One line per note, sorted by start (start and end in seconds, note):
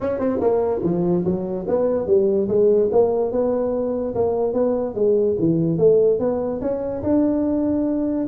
0.01 0.19 C#4
0.19 0.40 C4
0.40 0.81 A#3
0.82 1.24 F3
1.24 1.66 F#3
1.67 2.06 B3
2.06 2.48 G3
2.48 2.89 G#3
2.91 3.31 A#3
3.31 4.14 B3
4.15 4.53 A#3
4.53 4.94 B3
4.94 5.36 G#3
5.38 5.78 E3
5.78 6.19 A3
6.19 6.60 B3
6.61 7.02 C#4
7.03 8.27 D4